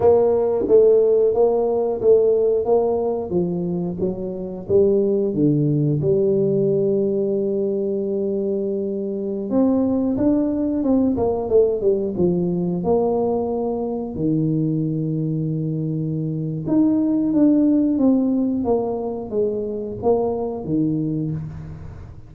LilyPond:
\new Staff \with { instrumentName = "tuba" } { \time 4/4 \tempo 4 = 90 ais4 a4 ais4 a4 | ais4 f4 fis4 g4 | d4 g2.~ | g2~ g16 c'4 d'8.~ |
d'16 c'8 ais8 a8 g8 f4 ais8.~ | ais4~ ais16 dis2~ dis8.~ | dis4 dis'4 d'4 c'4 | ais4 gis4 ais4 dis4 | }